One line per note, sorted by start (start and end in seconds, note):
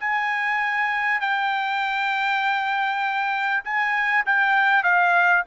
0.00 1.21 G#5
1.21 3.63 G5
3.64 4.25 G#5
4.26 4.84 G5
4.84 5.44 F5